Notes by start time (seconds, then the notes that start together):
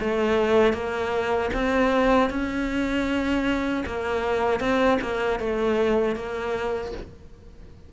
0.00 A3
0.73 A#3
1.54 C4
2.30 C#4
3.86 A#3
4.60 C4
5.02 A#3
5.40 A3
6.15 A#3